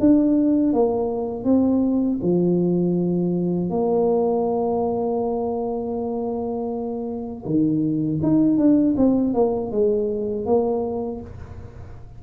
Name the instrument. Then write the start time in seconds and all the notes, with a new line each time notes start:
tuba
0.00 D4
0.73 A#3
1.45 C4
2.22 F3
3.70 A#3
7.46 D#3
8.23 D#4
8.58 D4
8.97 C4
9.34 A#3
9.72 G#3
10.46 A#3